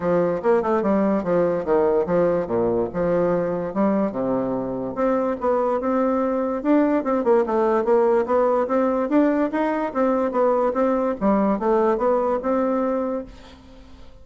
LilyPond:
\new Staff \with { instrumentName = "bassoon" } { \time 4/4 \tempo 4 = 145 f4 ais8 a8 g4 f4 | dis4 f4 ais,4 f4~ | f4 g4 c2 | c'4 b4 c'2 |
d'4 c'8 ais8 a4 ais4 | b4 c'4 d'4 dis'4 | c'4 b4 c'4 g4 | a4 b4 c'2 | }